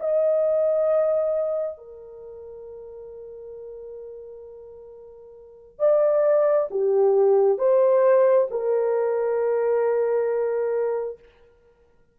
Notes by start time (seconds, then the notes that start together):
0.00 D#5
1.78 A#4
5.80 D5
6.71 G4
7.59 C5
8.51 A#4